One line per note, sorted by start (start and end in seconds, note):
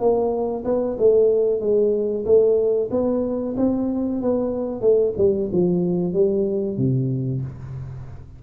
0.00 0.65 A#3
0.65 0.97 B3
0.99 1.61 A3
1.61 2.26 G#3
2.26 2.90 A3
2.91 3.56 B3
3.57 4.22 C4
4.22 4.82 B3
4.82 5.14 A3
5.18 5.50 G3
5.52 6.13 F3
6.13 6.78 G3
6.78 7.42 C3